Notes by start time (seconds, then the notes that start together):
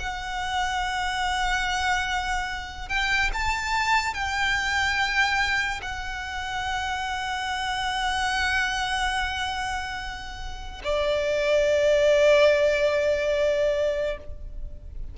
0.00 F#5
2.89 G5
3.34 A5
4.15 G5
5.82 F#5
10.84 D5